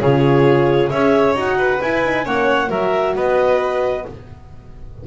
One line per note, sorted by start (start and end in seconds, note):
0.00 0.91 C#3
0.00 0.92 F4
0.00 0.90 G#4
0.00 0.89 C#5
0.89 1.34 C#4
0.89 1.35 G#4
0.89 1.58 C#5
0.89 1.34 E5
1.34 1.80 D#4
1.34 1.80 F#4
1.34 1.82 F#5
1.58 2.25 B4
1.81 2.04 E4
1.81 2.26 E4
1.81 2.27 G#5
2.05 2.23 D#4
2.23 2.70 A#3
2.23 2.68 C#4
2.23 2.69 C#5
2.23 2.71 F#5
2.68 3.15 F#3
2.68 4.04 F#4
2.68 3.14 A#4
2.68 3.16 E5
3.15 4.05 B3
3.15 4.07 B4
3.15 4.06 D#5